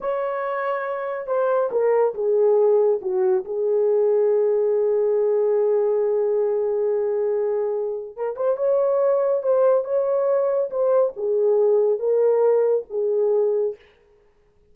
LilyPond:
\new Staff \with { instrumentName = "horn" } { \time 4/4 \tempo 4 = 140 cis''2. c''4 | ais'4 gis'2 fis'4 | gis'1~ | gis'1~ |
gis'2. ais'8 c''8 | cis''2 c''4 cis''4~ | cis''4 c''4 gis'2 | ais'2 gis'2 | }